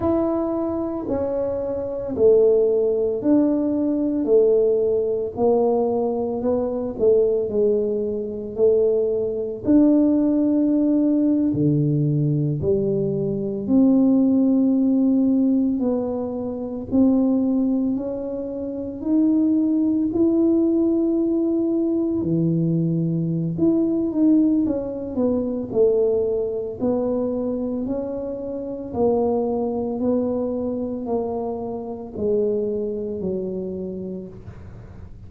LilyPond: \new Staff \with { instrumentName = "tuba" } { \time 4/4 \tempo 4 = 56 e'4 cis'4 a4 d'4 | a4 ais4 b8 a8 gis4 | a4 d'4.~ d'16 d4 g16~ | g8. c'2 b4 c'16~ |
c'8. cis'4 dis'4 e'4~ e'16~ | e'8. e4~ e16 e'8 dis'8 cis'8 b8 | a4 b4 cis'4 ais4 | b4 ais4 gis4 fis4 | }